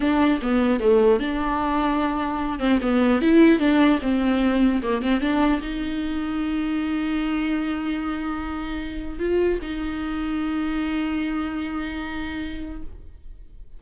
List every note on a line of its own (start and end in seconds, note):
0.00 0.39 D4
0.41 0.80 B3
0.80 1.19 A3
1.19 2.59 D4
2.59 2.79 C4
2.81 3.21 B3
3.21 3.59 E4
3.59 3.99 D4
4.02 4.82 C4
4.82 5.01 A#3
5.01 5.21 C4
5.21 5.61 D4
5.61 9.19 D#4
9.19 9.59 F4
9.61 12.81 D#4